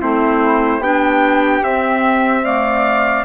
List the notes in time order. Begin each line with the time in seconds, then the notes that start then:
0.00 A3 C4 E4 C5
0.80 B3 D4 G4 G5
1.63 C4 E5
2.44 A3 D5 F5